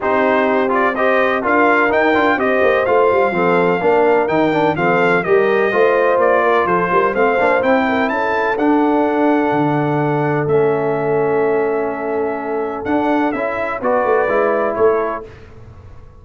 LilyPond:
<<
  \new Staff \with { instrumentName = "trumpet" } { \time 4/4 \tempo 4 = 126 c''4. d''8 dis''4 f''4 | g''4 dis''4 f''2~ | f''4 g''4 f''4 dis''4~ | dis''4 d''4 c''4 f''4 |
g''4 a''4 fis''2~ | fis''2 e''2~ | e''2. fis''4 | e''4 d''2 cis''4 | }
  \new Staff \with { instrumentName = "horn" } { \time 4/4 g'2 c''4 ais'4~ | ais'4 c''2 a'4 | ais'2 a'4 ais'4 | c''4. ais'8 a'8 ais'8 c''4~ |
c''8 ais'8 a'2.~ | a'1~ | a'1~ | a'4 b'2 a'4 | }
  \new Staff \with { instrumentName = "trombone" } { \time 4/4 dis'4. f'8 g'4 f'4 | dis'8 f'8 g'4 f'4 c'4 | d'4 dis'8 d'8 c'4 g'4 | f'2. c'8 d'8 |
e'2 d'2~ | d'2 cis'2~ | cis'2. d'4 | e'4 fis'4 e'2 | }
  \new Staff \with { instrumentName = "tuba" } { \time 4/4 c'2. d'4 | dis'8 d'8 c'8 ais8 a8 g8 f4 | ais4 dis4 f4 g4 | a4 ais4 f8 g8 a8 ais8 |
c'4 cis'4 d'2 | d2 a2~ | a2. d'4 | cis'4 b8 a8 gis4 a4 | }
>>